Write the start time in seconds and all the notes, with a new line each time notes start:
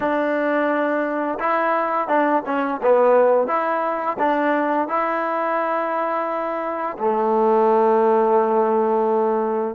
0.00 D4
1.39 E4
2.07 D4
2.45 C#4
2.82 B3
3.47 E4
4.19 D4
4.88 E4
6.98 A3